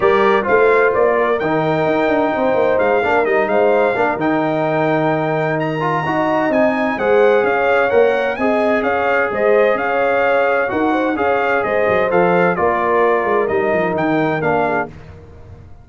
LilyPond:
<<
  \new Staff \with { instrumentName = "trumpet" } { \time 4/4 \tempo 4 = 129 d''4 f''4 d''4 g''4~ | g''2 f''4 dis''8 f''8~ | f''4 g''2. | ais''2 gis''4 fis''4 |
f''4 fis''4 gis''4 f''4 | dis''4 f''2 fis''4 | f''4 dis''4 f''4 d''4~ | d''4 dis''4 g''4 f''4 | }
  \new Staff \with { instrumentName = "horn" } { \time 4/4 ais'4 c''4. ais'4.~ | ais'4 c''4. ais'4 c''8~ | c''8 ais'2.~ ais'8~ | ais'4 dis''2 c''4 |
cis''2 dis''4 cis''4 | c''4 cis''2 ais'8 c''8 | cis''4 c''2 ais'4~ | ais'2.~ ais'8 gis'8 | }
  \new Staff \with { instrumentName = "trombone" } { \time 4/4 g'4 f'2 dis'4~ | dis'2~ dis'8 d'8 dis'4~ | dis'8 d'8 dis'2.~ | dis'8 f'8 fis'4 dis'4 gis'4~ |
gis'4 ais'4 gis'2~ | gis'2. fis'4 | gis'2 a'4 f'4~ | f'4 dis'2 d'4 | }
  \new Staff \with { instrumentName = "tuba" } { \time 4/4 g4 a4 ais4 dis4 | dis'8 d'8 c'8 ais8 gis8 ais8 g8 gis8~ | gis8 ais8 dis2.~ | dis4 dis'4 c'4 gis4 |
cis'4 ais4 c'4 cis'4 | gis4 cis'2 dis'4 | cis'4 gis8 fis8 f4 ais4~ | ais8 gis8 g8 f8 dis4 ais4 | }
>>